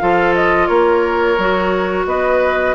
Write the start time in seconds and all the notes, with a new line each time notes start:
0.00 F3 F4 A4 F5
0.35 D#5
0.68 A#3 A#4 C#5
1.38 F#3 F#4
2.06 B3 B4 D#5